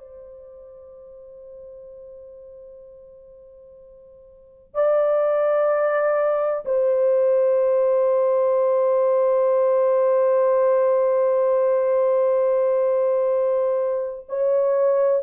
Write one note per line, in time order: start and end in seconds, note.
0.00 4.74 C5
4.74 6.65 D5
6.65 14.27 C5
14.29 15.23 C#5